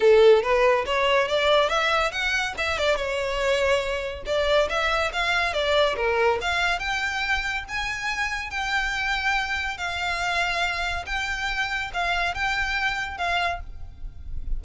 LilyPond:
\new Staff \with { instrumentName = "violin" } { \time 4/4 \tempo 4 = 141 a'4 b'4 cis''4 d''4 | e''4 fis''4 e''8 d''8 cis''4~ | cis''2 d''4 e''4 | f''4 d''4 ais'4 f''4 |
g''2 gis''2 | g''2. f''4~ | f''2 g''2 | f''4 g''2 f''4 | }